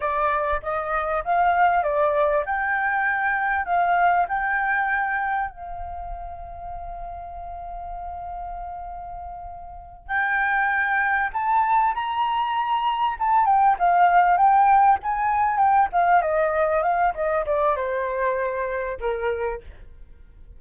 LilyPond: \new Staff \with { instrumentName = "flute" } { \time 4/4 \tempo 4 = 98 d''4 dis''4 f''4 d''4 | g''2 f''4 g''4~ | g''4 f''2.~ | f''1~ |
f''8 g''2 a''4 ais''8~ | ais''4. a''8 g''8 f''4 g''8~ | g''8 gis''4 g''8 f''8 dis''4 f''8 | dis''8 d''8 c''2 ais'4 | }